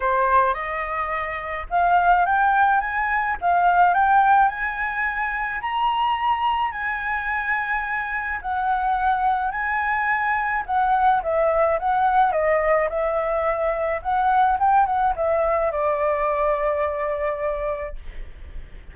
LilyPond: \new Staff \with { instrumentName = "flute" } { \time 4/4 \tempo 4 = 107 c''4 dis''2 f''4 | g''4 gis''4 f''4 g''4 | gis''2 ais''2 | gis''2. fis''4~ |
fis''4 gis''2 fis''4 | e''4 fis''4 dis''4 e''4~ | e''4 fis''4 g''8 fis''8 e''4 | d''1 | }